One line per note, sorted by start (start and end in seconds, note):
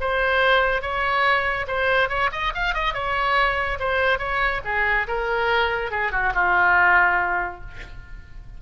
0.00 0.82 C5
0.82 1.66 C#5
1.67 2.09 C5
2.09 2.30 C#5
2.32 2.53 D#5
2.54 2.74 F5
2.74 2.94 D#5
2.94 3.78 C#5
3.79 4.19 C5
4.19 4.61 C#5
4.65 5.07 G#4
5.07 5.91 A#4
5.91 6.12 G#4
6.12 6.33 F#4
6.34 7.61 F4